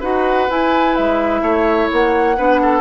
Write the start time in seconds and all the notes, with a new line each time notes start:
0.00 D#4 F#4 B4 F#5
0.48 E4 G#5
0.95 G#3 E5
1.41 A3 C#5
1.92 A#3 F#5
2.37 B3 D4 B4
2.62 A4